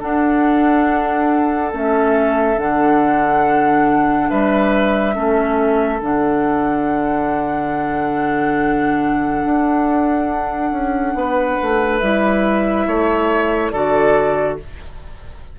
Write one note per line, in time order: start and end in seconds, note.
0.00 1.72 D4
0.00 1.73 D4
0.00 4.29 A4
0.00 1.73 F#5
1.72 2.58 A3
1.72 2.57 C#4
1.72 2.59 E5
2.57 4.29 D3
2.57 5.14 D4
2.57 4.30 F#5
4.30 5.17 G3
4.30 5.15 B4
4.30 6.01 E5
5.14 6.01 A3
5.14 5.99 C#4
5.14 11.15 A4
6.01 9.44 D3
6.01 12.01 D4
6.01 11.99 F#5
9.45 10.72 D4
10.72 11.15 C#4
11.15 11.57 B3
11.15 12.87 B4
11.62 12.02 A3
11.99 12.87 G3
11.99 13.74 E4
11.99 13.70 E5
12.87 13.73 A3
12.87 13.73 C#5
13.71 14.59 D3
13.71 14.59 F#4
13.71 14.59 A4
13.71 14.57 D5